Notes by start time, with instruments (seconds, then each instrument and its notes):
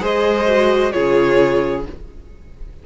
0.00 cello G#3, viola G#4, violin C5 D#5
0.48 viola F#4
0.92 cello C#3, viola F4, violin G#4 C#5